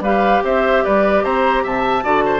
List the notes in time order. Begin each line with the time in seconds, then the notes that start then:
0.00 G3 G4 B4 F5
0.43 C4 C5 E5
0.84 G3 B4 D5
1.24 C4 C5 A#5
1.63 C3 E5 A5
2.03 D3 F#4 D5
2.25 C5